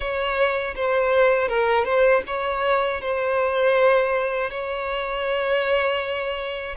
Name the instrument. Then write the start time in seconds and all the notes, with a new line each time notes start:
violin
0.00 C#5
0.75 C5
1.48 A#4
1.84 C5
2.26 C#5
3.01 C5
4.50 C#5